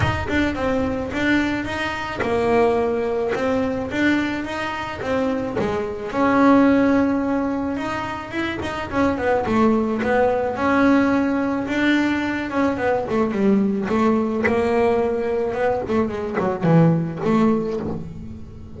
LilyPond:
\new Staff \with { instrumentName = "double bass" } { \time 4/4 \tempo 4 = 108 dis'8 d'8 c'4 d'4 dis'4 | ais2 c'4 d'4 | dis'4 c'4 gis4 cis'4~ | cis'2 dis'4 e'8 dis'8 |
cis'8 b8 a4 b4 cis'4~ | cis'4 d'4. cis'8 b8 a8 | g4 a4 ais2 | b8 a8 gis8 fis8 e4 a4 | }